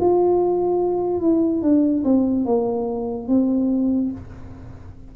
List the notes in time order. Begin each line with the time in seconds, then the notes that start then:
0.00 F4
1.21 E4
1.62 D4
2.04 C4
2.45 A#3
3.28 C4